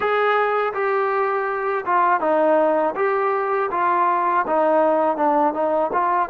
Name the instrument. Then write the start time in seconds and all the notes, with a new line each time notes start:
trombone
0.00 G#4
0.73 G4
1.85 F4
2.20 D#4
2.95 G4
3.71 F4
4.46 D#4
5.16 D4
5.53 D#4
5.92 F4